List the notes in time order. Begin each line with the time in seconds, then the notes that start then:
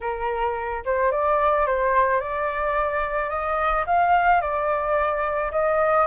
0.01 A#4
0.85 C5
1.11 D5
1.66 C5
2.20 D5
3.29 D#5
3.86 F5
4.41 D5
5.51 D#5